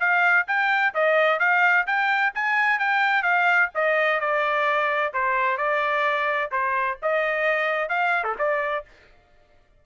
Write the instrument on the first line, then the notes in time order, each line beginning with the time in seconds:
trumpet
0.00 F5
0.47 G5
0.95 D#5
1.40 F5
1.87 G5
2.35 G#5
2.79 G5
3.23 F5
3.75 D#5
4.20 D5
5.14 C5
5.58 D5
6.52 C5
7.03 D#5
7.89 F5
8.24 A4
8.39 D5